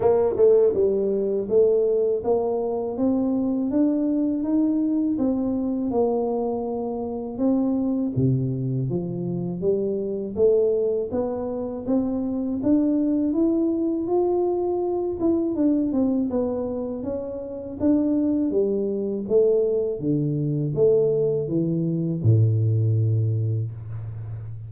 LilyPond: \new Staff \with { instrumentName = "tuba" } { \time 4/4 \tempo 4 = 81 ais8 a8 g4 a4 ais4 | c'4 d'4 dis'4 c'4 | ais2 c'4 c4 | f4 g4 a4 b4 |
c'4 d'4 e'4 f'4~ | f'8 e'8 d'8 c'8 b4 cis'4 | d'4 g4 a4 d4 | a4 e4 a,2 | }